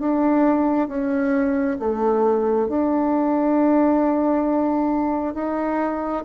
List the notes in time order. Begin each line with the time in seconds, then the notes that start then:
0.00 D4
0.88 C#4
1.80 A3
2.69 D4
5.34 D#4